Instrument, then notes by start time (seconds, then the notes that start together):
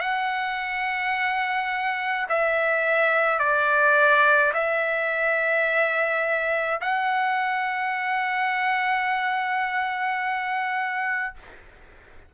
trumpet
0.00 F#5
2.28 E5
3.39 D5
4.53 E5
6.81 F#5